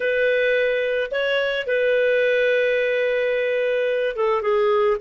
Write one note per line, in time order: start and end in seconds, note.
0.00 1.10 B4
1.11 1.66 C#5
1.66 4.16 B4
4.16 4.41 A4
4.41 4.97 G#4